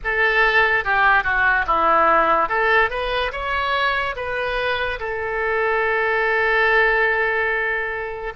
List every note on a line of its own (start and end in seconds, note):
0.03 0.84 A4
0.84 1.23 G4
1.23 1.65 F#4
1.67 2.48 E4
2.48 2.89 A4
2.89 3.31 B4
3.31 4.15 C#5
4.16 4.99 B4
4.99 8.33 A4